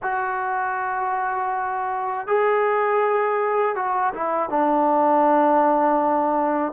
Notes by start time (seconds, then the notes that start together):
0.02 F#4
2.27 G#4
3.75 F#4
4.14 E4
4.49 D4